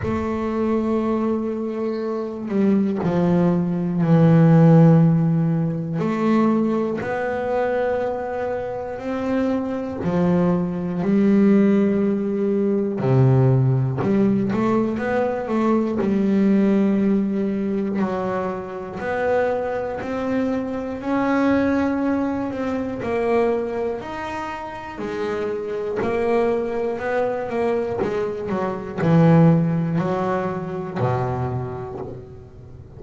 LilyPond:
\new Staff \with { instrumentName = "double bass" } { \time 4/4 \tempo 4 = 60 a2~ a8 g8 f4 | e2 a4 b4~ | b4 c'4 f4 g4~ | g4 c4 g8 a8 b8 a8 |
g2 fis4 b4 | c'4 cis'4. c'8 ais4 | dis'4 gis4 ais4 b8 ais8 | gis8 fis8 e4 fis4 b,4 | }